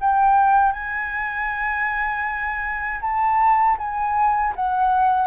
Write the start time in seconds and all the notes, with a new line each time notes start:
0.00 G5
0.72 G#5
3.01 A5
3.78 G#5
4.55 F#5